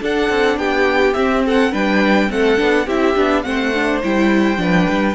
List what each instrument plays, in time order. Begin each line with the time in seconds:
0.00 viola D4, cello D4, violin A4 F#5
0.29 cello C4
0.57 cello B3, violin G4 G5
1.13 viola C4, cello C4, violin E5
1.45 violin A4 F#5
1.71 cello G3, viola D4, violin B4 G5
2.30 cello A3, viola C4, violin A4 F#5
2.57 cello B3, viola D4
2.85 cello C4, viola E4, violin G4 E5
3.15 cello B3, viola D4
3.42 cello A3, viola C4, violin C5 F#5
3.74 viola D4
4.03 cello G3, viola E4, violin G5
4.56 cello F3, viola D4, violin B4
4.89 cello G3